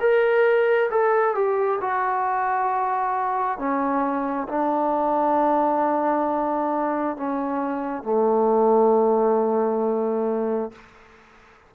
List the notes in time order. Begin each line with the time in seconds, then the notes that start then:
0.00 A#4
0.90 A4
1.35 G4
1.81 F#4
3.58 C#4
4.48 D4
7.16 C#4
8.03 A3